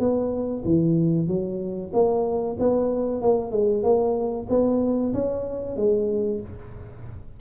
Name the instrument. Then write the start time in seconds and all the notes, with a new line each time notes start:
tuba
0.00 B3
0.66 E3
1.28 F#3
1.94 A#3
2.60 B3
3.22 A#3
3.52 G#3
3.84 A#3
4.50 B3
5.14 C#4
5.77 G#3